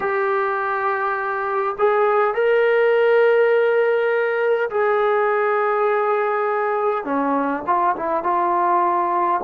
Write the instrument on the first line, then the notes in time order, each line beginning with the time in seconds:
trombone
0.00 G4
1.78 G#4
2.34 A#4
4.70 G#4
7.04 C#4
7.66 F4
7.96 E4
8.23 F4